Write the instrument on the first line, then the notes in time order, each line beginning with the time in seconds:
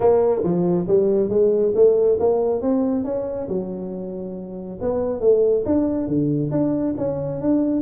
tuba
0.00 A#3
0.43 F3
0.87 G3
1.29 G#3
1.75 A3
2.19 A#3
2.61 C4
3.04 C#4
3.48 F#3
4.81 B3
5.20 A3
5.65 D4
6.07 D3
6.51 D4
6.97 C#4
7.41 D4